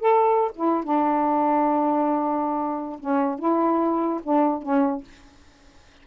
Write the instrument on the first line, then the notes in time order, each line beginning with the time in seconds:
saxophone
0.00 A4
0.55 E4
0.84 D4
3.00 C#4
3.39 E4
4.23 D4
4.63 C#4